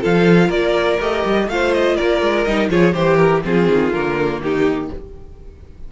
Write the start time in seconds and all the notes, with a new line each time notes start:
0.00 F3 F4 A4 F5
0.47 A#3 A#4 D5
1.00 A3 G4 D#5
1.24 G3
1.47 A3 F4 C5 F5
1.73 D#5
1.96 A#3 A#4 D5
2.21 G#3
2.44 G3 D#4 D#5
2.69 F3 F4 G#4 C#5
2.92 E3 G4 C5
3.16 A#4
3.42 F3 C4 F4 G#4
3.68 D#3
3.93 D3 A#3 A#4
4.40 D#3 D#4 G4